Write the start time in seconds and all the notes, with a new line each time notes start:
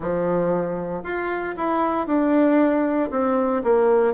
0.00 F3
1.03 F4
1.57 E4
2.06 D4
3.10 C4
3.63 A#3